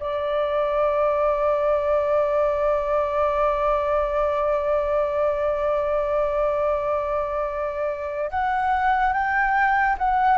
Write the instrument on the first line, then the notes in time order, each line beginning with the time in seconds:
flute
0.00 D5
8.30 F#5
9.13 G5
9.98 F#5